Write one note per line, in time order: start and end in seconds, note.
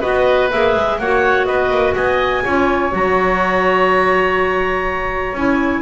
0.00 0.51 B3
0.00 0.49 F#4
0.00 0.97 B4
0.00 0.50 D#5
0.50 0.75 A#3
0.50 1.00 G#4
0.50 0.99 E5
0.75 0.98 G#3
0.98 1.46 A#3
0.98 2.44 F#4
0.98 1.46 C#5
0.98 1.45 F#5
1.45 1.70 B3
1.45 1.95 B4
1.45 1.93 D#5
1.70 1.94 A#3
1.95 2.43 B3
1.95 2.43 D#5
1.95 2.92 G#5
2.43 2.92 C#4
2.43 2.90 F4
2.43 5.81 C#5
2.90 5.33 F#3
2.90 5.32 F#4
2.90 5.36 A#5
5.33 5.81 C#4
5.33 5.81 E4
5.33 5.81 G#5